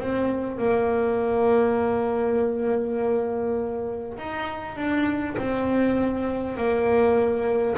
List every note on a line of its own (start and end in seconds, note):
0.00 0.58 C4
0.58 4.18 A#3
4.18 4.76 D#4
4.76 5.36 D4
5.38 6.58 C4
6.58 7.78 A#3